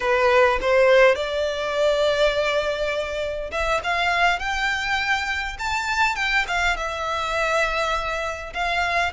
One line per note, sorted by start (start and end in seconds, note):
0.00 0.59 B4
0.61 1.15 C5
1.15 3.50 D5
3.51 3.80 E5
3.83 4.39 F5
4.39 5.57 G5
5.58 6.15 A5
6.15 6.45 G5
6.47 6.76 F5
6.76 8.53 E5
8.53 9.12 F5